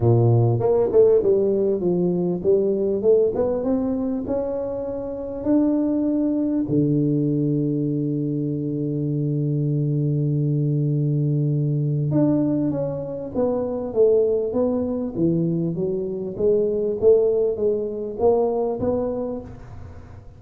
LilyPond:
\new Staff \with { instrumentName = "tuba" } { \time 4/4 \tempo 4 = 99 ais,4 ais8 a8 g4 f4 | g4 a8 b8 c'4 cis'4~ | cis'4 d'2 d4~ | d1~ |
d1 | d'4 cis'4 b4 a4 | b4 e4 fis4 gis4 | a4 gis4 ais4 b4 | }